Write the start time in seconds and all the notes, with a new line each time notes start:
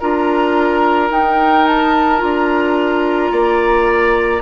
0.00 D4 F4 A#4 A#5
1.10 D#4 G5
1.67 A5
2.18 D4 F4 A#5
3.32 A#3 D5